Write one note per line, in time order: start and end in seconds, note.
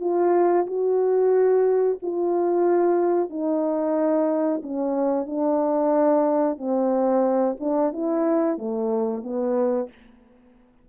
0.00 0.66 F4
0.66 1.98 F#4
2.02 3.30 F4
3.30 4.62 D#4
4.62 5.26 C#4
5.26 6.58 D4
6.58 7.56 C4
7.59 7.92 D4
7.92 8.58 E4
8.58 9.23 A3
9.23 9.89 B3